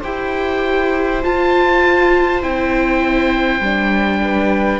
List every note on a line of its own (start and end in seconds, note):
0.00 1.24 E4
0.00 1.22 G4
0.00 4.20 C5
0.00 1.23 G5
1.22 2.42 F4
1.22 2.43 F4
1.22 2.43 A5
2.42 3.60 C4
2.42 3.62 E4
2.42 4.80 G5
3.60 4.80 G3
3.60 4.80 D4
4.21 4.80 B4